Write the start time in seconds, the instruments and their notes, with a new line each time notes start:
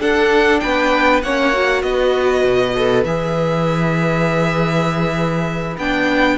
0.00 cello D4, viola D4, violin A4 F#5
0.60 cello B3, violin B4 G5
1.23 cello A#3, viola C#4, violin C#5 F#5
1.53 viola F#4
1.82 cello B3, violin B4 D#5
2.44 cello B2
2.75 viola A4
3.04 cello E3, viola G#4, violin E5
5.77 cello B3, viola D4, violin G5